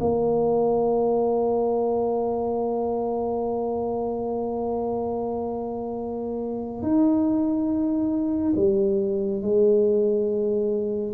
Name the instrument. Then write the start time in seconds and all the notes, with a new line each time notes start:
tuba
0.00 A#3
6.82 D#4
8.56 G3
9.42 G#3